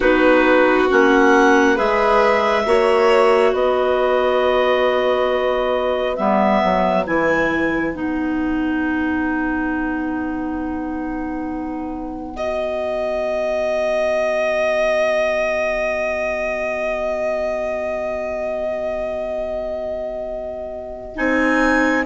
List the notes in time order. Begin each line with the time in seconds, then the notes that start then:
0.00 B3 D#4 F#4 B4
0.89 A#3 C#4 F#5
1.75 G#3 G#4 B4 E5
2.65 A#3 F#4 C#5
3.53 B3 B4 D#5
6.16 G3 B3 E5
6.63 F#3
7.06 E3 E4 G#5
7.94 B3 D#4 F#5
12.35 F#4 D#5
21.15 C4 D#4 G#5